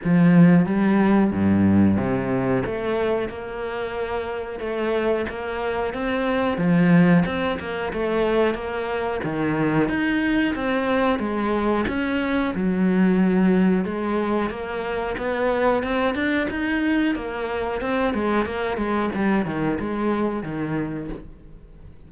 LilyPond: \new Staff \with { instrumentName = "cello" } { \time 4/4 \tempo 4 = 91 f4 g4 g,4 c4 | a4 ais2 a4 | ais4 c'4 f4 c'8 ais8 | a4 ais4 dis4 dis'4 |
c'4 gis4 cis'4 fis4~ | fis4 gis4 ais4 b4 | c'8 d'8 dis'4 ais4 c'8 gis8 | ais8 gis8 g8 dis8 gis4 dis4 | }